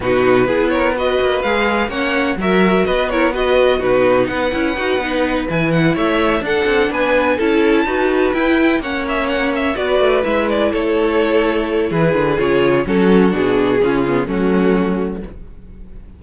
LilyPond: <<
  \new Staff \with { instrumentName = "violin" } { \time 4/4 \tempo 4 = 126 b'4. cis''8 dis''4 f''4 | fis''4 e''4 dis''8 cis''8 dis''4 | b'4 fis''2~ fis''8 gis''8 | fis''8 e''4 fis''4 gis''4 a''8~ |
a''4. g''4 fis''8 e''8 fis''8 | e''8 d''4 e''8 d''8 cis''4.~ | cis''4 b'4 cis''4 a'4 | gis'2 fis'2 | }
  \new Staff \with { instrumentName = "violin" } { \time 4/4 fis'4 gis'8 ais'8 b'2 | cis''4 ais'4 b'8 ais'8 b'4 | fis'4 b'2.~ | b'8 cis''4 a'4 b'4 a'8~ |
a'8 b'2 cis''4.~ | cis''8 b'2 a'4.~ | a'4 gis'2 fis'4~ | fis'4 f'4 cis'2 | }
  \new Staff \with { instrumentName = "viola" } { \time 4/4 dis'4 e'4 fis'4 gis'4 | cis'4 fis'4. e'8 fis'4 | dis'4. e'8 fis'8 dis'4 e'8~ | e'4. d'2 e'8~ |
e'8 fis'4 e'4 cis'4.~ | cis'8 fis'4 e'2~ e'8~ | e'2 f'4 cis'4 | d'4 cis'8 b8 a2 | }
  \new Staff \with { instrumentName = "cello" } { \time 4/4 b,4 b4. ais8 gis4 | ais4 fis4 b2 | b,4 b8 cis'8 dis'8 b4 e8~ | e8 a4 d'8 c'8 b4 cis'8~ |
cis'8 dis'4 e'4 ais4.~ | ais8 b8 a8 gis4 a4.~ | a4 e8 d8 cis4 fis4 | b,4 cis4 fis2 | }
>>